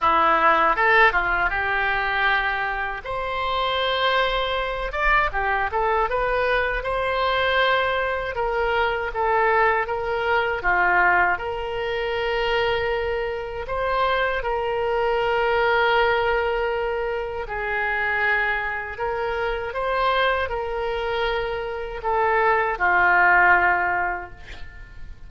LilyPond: \new Staff \with { instrumentName = "oboe" } { \time 4/4 \tempo 4 = 79 e'4 a'8 f'8 g'2 | c''2~ c''8 d''8 g'8 a'8 | b'4 c''2 ais'4 | a'4 ais'4 f'4 ais'4~ |
ais'2 c''4 ais'4~ | ais'2. gis'4~ | gis'4 ais'4 c''4 ais'4~ | ais'4 a'4 f'2 | }